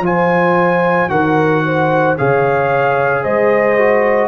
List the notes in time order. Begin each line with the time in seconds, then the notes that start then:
0.00 F3 F4 G#5
0.06 C5
1.09 D#3 F#4 A#4 F#5
1.66 C5
2.18 C#3 G#4 C#5 F5
3.23 G#3 C5 D#5
3.79 F#4